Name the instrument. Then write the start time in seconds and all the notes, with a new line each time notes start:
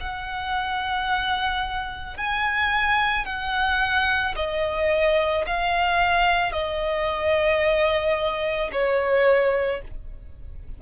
violin
0.00 F#5
2.17 G#5
3.26 F#5
4.36 D#5
5.46 F5
6.53 D#5
8.72 C#5